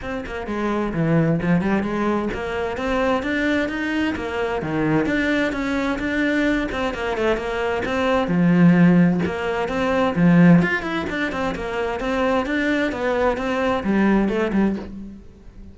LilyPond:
\new Staff \with { instrumentName = "cello" } { \time 4/4 \tempo 4 = 130 c'8 ais8 gis4 e4 f8 g8 | gis4 ais4 c'4 d'4 | dis'4 ais4 dis4 d'4 | cis'4 d'4. c'8 ais8 a8 |
ais4 c'4 f2 | ais4 c'4 f4 f'8 e'8 | d'8 c'8 ais4 c'4 d'4 | b4 c'4 g4 a8 g8 | }